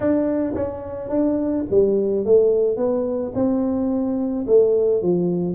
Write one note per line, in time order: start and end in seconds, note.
0.00 0.54 D4
0.54 1.09 C#4
1.09 1.64 D4
1.70 2.25 G3
2.25 2.77 A3
2.77 3.32 B3
3.34 4.45 C4
4.47 5.02 A3
5.02 5.54 F3